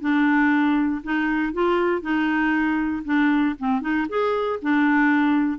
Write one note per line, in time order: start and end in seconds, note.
0.00 1.02 D4
1.03 1.53 D#4
1.53 2.01 F4
2.01 3.03 D#4
3.05 3.55 D4
3.58 3.81 C4
3.81 4.07 D#4
4.09 4.59 G#4
4.62 5.58 D4